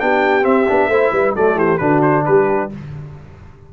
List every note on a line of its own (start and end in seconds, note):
0.00 0.45 B3
0.00 0.42 D4
0.00 0.90 G4
0.00 0.44 G5
0.42 0.65 C4
0.42 0.68 C4
0.42 1.34 E5
0.68 0.88 B3
0.68 0.91 D4
0.88 1.10 A3
0.88 1.36 E4
0.88 1.12 C5
1.12 1.34 G3
1.12 1.35 B4
1.36 1.55 F#3
1.36 1.79 A3
1.36 1.57 A4
1.36 1.58 D5
1.55 1.78 E3
1.55 1.79 G4
1.55 1.77 C5
1.77 2.26 D3
1.77 2.70 D4
1.77 2.25 F#4
1.77 2.00 B4
2.02 2.24 C5
2.25 2.73 G3
2.25 2.73 G4
2.25 2.70 B4